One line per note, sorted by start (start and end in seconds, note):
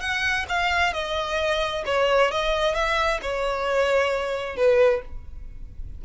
0.00 0.45 F#5
0.49 0.93 F5
0.93 1.84 D#5
1.85 2.31 C#5
2.31 2.74 D#5
2.74 3.20 E5
3.22 4.56 C#5
4.56 5.01 B4